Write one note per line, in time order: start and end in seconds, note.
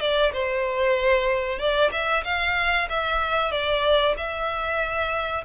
0.00 0.32 D5
0.33 1.58 C5
1.58 1.90 D5
1.91 2.23 E5
2.24 2.88 F5
2.89 3.51 E5
3.51 4.15 D5
4.17 5.44 E5